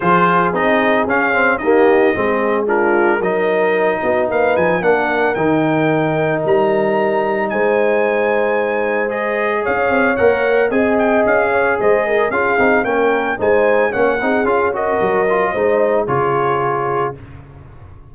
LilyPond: <<
  \new Staff \with { instrumentName = "trumpet" } { \time 4/4 \tempo 4 = 112 c''4 dis''4 f''4 dis''4~ | dis''4 ais'4 dis''2 | f''8 gis''8 fis''4 g''2 | ais''2 gis''2~ |
gis''4 dis''4 f''4 fis''4 | gis''8 g''8 f''4 dis''4 f''4 | g''4 gis''4 fis''4 f''8 dis''8~ | dis''2 cis''2 | }
  \new Staff \with { instrumentName = "horn" } { \time 4/4 gis'2. g'4 | gis'4 f'4 ais'4. fis'8 | b'4 ais'2.~ | ais'2 c''2~ |
c''2 cis''2 | dis''4. cis''8 c''8 ais'8 gis'4 | ais'4 c''4 cis''8 gis'4 ais'8~ | ais'4 c''4 gis'2 | }
  \new Staff \with { instrumentName = "trombone" } { \time 4/4 f'4 dis'4 cis'8 c'8 ais4 | c'4 d'4 dis'2~ | dis'4 d'4 dis'2~ | dis'1~ |
dis'4 gis'2 ais'4 | gis'2. f'8 dis'8 | cis'4 dis'4 cis'8 dis'8 f'8 fis'8~ | fis'8 f'8 dis'4 f'2 | }
  \new Staff \with { instrumentName = "tuba" } { \time 4/4 f4 c'4 cis'4 dis'4 | gis2 fis4. b8 | ais8 f8 ais4 dis2 | g2 gis2~ |
gis2 cis'8 c'8 ais4 | c'4 cis'4 gis4 cis'8 c'8 | ais4 gis4 ais8 c'8 cis'4 | fis4 gis4 cis2 | }
>>